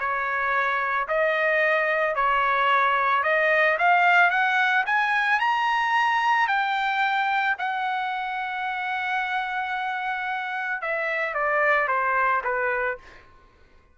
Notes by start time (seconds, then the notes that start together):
0.00 C#5
1.09 D#5
2.16 C#5
3.24 D#5
3.79 F5
4.31 F#5
4.86 G#5
5.40 A#5
6.48 G5
7.59 F#5
10.82 E5
11.34 D5
11.88 C5
12.44 B4